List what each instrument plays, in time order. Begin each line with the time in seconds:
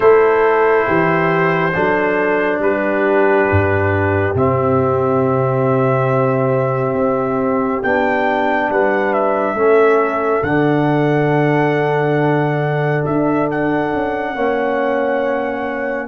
0.00 tuba A3, trombone E4, horn A4, trumpet C5
0.86 tuba E3, horn G4
1.74 tuba F#3, trombone D4, horn A4
2.59 tuba G3, horn G4, trumpet B4
3.50 tuba G2
4.35 tuba C3, trombone C4, trumpet E5
6.93 tuba C4
7.83 tuba B3, trombone D4, trumpet G5
8.69 tuba G3, horn B4, trumpet F#5
9.13 trumpet E5
9.53 tuba A3, trombone C#4, horn A4
10.42 tuba D3, trombone D4, trumpet F#5
13.05 tuba D4, trumpet E5
13.51 trumpet F#5
13.92 tuba C#4
14.35 tuba A#3, trombone C#4, horn C#5